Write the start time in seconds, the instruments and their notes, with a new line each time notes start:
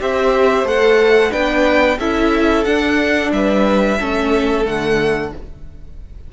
0.00 cello C4, viola G4, violin C5 E5
0.64 cello A3, viola A4, violin F#5
1.31 cello B3, viola D4, violin B4 G5
1.98 cello C#4, viola E4, violin A4 E5
2.64 viola D4, cello D4, violin F#5
3.32 cello G3, violin B4 E5
3.99 cello A3, viola C#4, violin A4
4.64 cello D3, viola A3, violin F#5